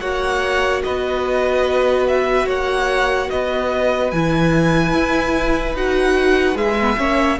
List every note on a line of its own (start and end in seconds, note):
0.00 0.83 A#3
0.00 4.12 F#4
0.00 0.83 C#5
0.00 0.82 F#5
0.84 2.47 B3
0.84 2.47 B4
0.84 2.07 D#5
2.08 2.49 E5
2.47 3.29 A#3
2.47 3.29 C#5
2.47 3.30 F#5
3.30 4.12 B3
3.30 6.98 B4
3.30 4.11 D#5
4.11 4.94 E3
4.11 5.77 E4
4.11 5.76 G#5
4.94 5.75 E4
5.75 6.55 D#4
5.75 6.55 F#4
5.75 6.57 F#5
6.55 6.96 G#3
6.55 6.76 G#4
6.55 7.39 E5
6.81 6.98 B3
6.98 7.39 A#3
6.98 7.39 C#4
6.98 7.39 C#5